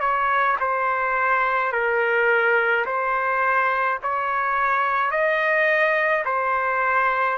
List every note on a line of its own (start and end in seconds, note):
0.00 0.57 C#5
0.60 1.72 C5
1.72 2.86 A#4
2.86 3.99 C5
4.02 5.11 C#5
5.11 6.24 D#5
6.25 7.37 C5